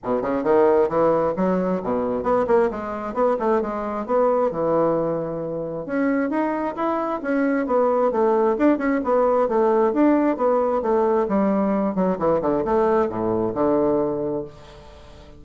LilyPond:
\new Staff \with { instrumentName = "bassoon" } { \time 4/4 \tempo 4 = 133 b,8 cis8 dis4 e4 fis4 | b,4 b8 ais8 gis4 b8 a8 | gis4 b4 e2~ | e4 cis'4 dis'4 e'4 |
cis'4 b4 a4 d'8 cis'8 | b4 a4 d'4 b4 | a4 g4. fis8 e8 d8 | a4 a,4 d2 | }